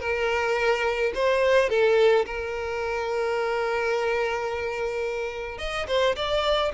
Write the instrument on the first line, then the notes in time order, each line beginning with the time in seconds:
violin
0.00 A#4
1.14 C5
1.69 A4
2.25 A#4
5.58 D#5
5.87 C5
6.16 D5